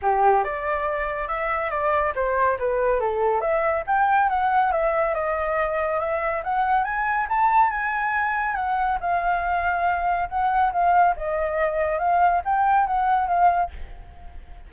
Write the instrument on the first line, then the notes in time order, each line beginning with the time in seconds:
flute
0.02 G4
0.44 D5
1.28 E5
1.70 D5
2.15 C5
2.59 B4
3.00 A4
3.41 E5
3.86 G5
4.29 F#5
4.71 E5
5.14 D#5
5.99 E5
6.43 F#5
6.84 G#5
7.29 A5
7.70 G#5
8.55 F#5
9.00 F5
10.29 F#5
10.72 F5
11.16 D#5
11.98 F5
12.44 G5
12.86 F#5
13.27 F5